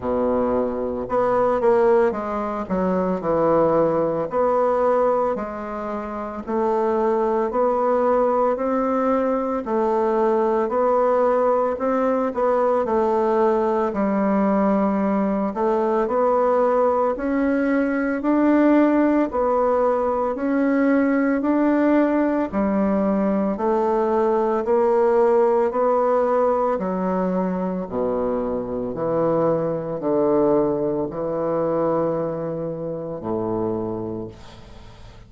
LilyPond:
\new Staff \with { instrumentName = "bassoon" } { \time 4/4 \tempo 4 = 56 b,4 b8 ais8 gis8 fis8 e4 | b4 gis4 a4 b4 | c'4 a4 b4 c'8 b8 | a4 g4. a8 b4 |
cis'4 d'4 b4 cis'4 | d'4 g4 a4 ais4 | b4 fis4 b,4 e4 | d4 e2 a,4 | }